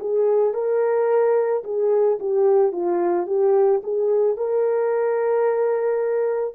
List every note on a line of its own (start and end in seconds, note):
0.00 0.54 G#4
0.54 1.63 A#4
1.64 2.19 G#4
2.20 2.73 G4
2.73 3.27 F4
3.27 3.81 G4
3.84 4.37 G#4
4.37 6.55 A#4